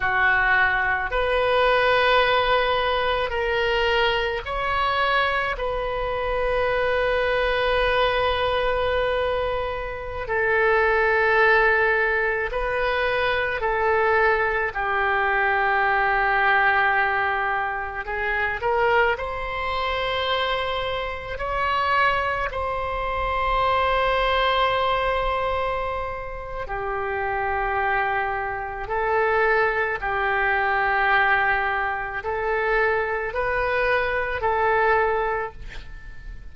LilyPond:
\new Staff \with { instrumentName = "oboe" } { \time 4/4 \tempo 4 = 54 fis'4 b'2 ais'4 | cis''4 b'2.~ | b'4~ b'16 a'2 b'8.~ | b'16 a'4 g'2~ g'8.~ |
g'16 gis'8 ais'8 c''2 cis''8.~ | cis''16 c''2.~ c''8. | g'2 a'4 g'4~ | g'4 a'4 b'4 a'4 | }